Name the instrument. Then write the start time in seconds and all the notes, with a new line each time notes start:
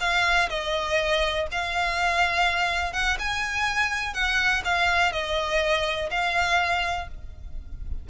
violin
0.00 F5
0.49 D#5
1.51 F5
2.93 F#5
3.19 G#5
4.14 F#5
4.65 F5
5.12 D#5
6.10 F5